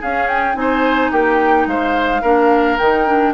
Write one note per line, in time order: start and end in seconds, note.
0.00 0.55 C#4
0.00 0.56 G#4
0.00 0.28 F5
0.28 0.55 G5
0.55 1.11 C4
0.55 2.21 D#4
0.55 1.11 G#5
0.61 1.11 C5
1.11 1.66 A#3
1.11 1.67 G4
1.11 1.68 G5
1.66 2.22 G#3
1.66 2.22 C5
1.66 2.78 F5
2.22 2.79 A#3
2.22 2.79 D4
2.22 3.33 A#4
2.78 3.34 D#3
2.78 3.07 D#4
2.78 3.34 G5
3.07 3.34 D4